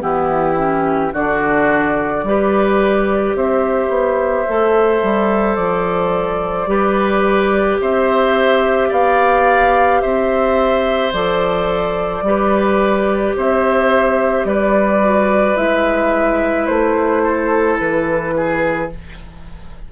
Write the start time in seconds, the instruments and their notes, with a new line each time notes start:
0.00 bassoon E3, clarinet B3, oboe E4, flute G4
0.56 clarinet C#4
1.12 bassoon D3, clarinet D4, oboe F#4, flute D5
2.23 bassoon G3, clarinet G4, oboe B4
3.35 bassoon C4, oboe C5, flute E5
3.89 bassoon B3
4.48 bassoon A3, clarinet A4
5.03 bassoon G3
5.55 bassoon F3, flute D5
6.67 bassoon G3, clarinet G4, oboe B4
7.81 bassoon C4, oboe C5, flute E5
8.89 bassoon B3, oboe D5, flute F5
10.01 bassoon C4, oboe C5, flute E5
11.13 bassoon F3, clarinet A4, flute D5
12.22 bassoon G3, clarinet G4, oboe B4
13.37 bassoon C4, oboe C5, flute E5
14.44 bassoon G3, oboe B4, flute D5
15.01 clarinet F#4
15.56 bassoon G#3, clarinet E4, flute E5
16.66 bassoon A3, flute C5
17.23 oboe A4
17.79 bassoon E3, flute B4
18.36 oboe G#4